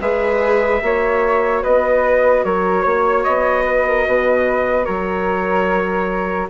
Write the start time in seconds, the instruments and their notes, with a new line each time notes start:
0.00 bassoon G#3, viola G#4, flute B4, trumpet E5
0.82 bassoon A#3, viola F#4, flute C#5
1.63 bassoon B3, flute B4, trumpet D#5
2.44 bassoon F#3, flute A#4, trumpet C#5
2.82 bassoon A#3, flute C#5
3.24 bassoon B3, trumpet D#5
3.65 flute B4
3.87 flute A#4
4.06 bassoon B2, flute B4
4.85 bassoon F#3, flute A#4, trumpet C#5